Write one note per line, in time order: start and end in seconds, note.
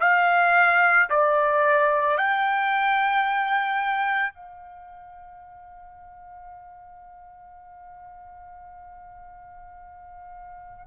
0.00 1.09 F5
1.10 2.17 D5
2.17 4.34 G5
4.34 10.87 F5